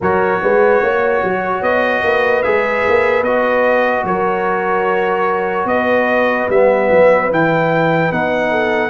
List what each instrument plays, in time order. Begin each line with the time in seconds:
0.00 tuba F#3, trombone F#4, horn A#4, trumpet C#5
0.42 tuba G#3, horn B4
0.82 tuba A#3, horn C#5
1.23 tuba F#3
1.61 tuba B3, trumpet D#5
2.03 tuba A#3, horn B4
2.42 tuba G#3, trombone G#4, trumpet E5
2.88 tuba A#3
3.22 tuba B3, trombone F#4, trumpet D#5
4.03 tuba F#3, horn A#4, trumpet C#5
5.65 tuba B3, trumpet D#5
5.71 horn B4
6.49 tuba G3, trombone B3, trumpet E5
6.90 tuba F#3
7.30 tuba E3, trombone E4, trumpet G5
8.11 tuba B3, trombone D#4, trumpet F#5
8.50 horn A4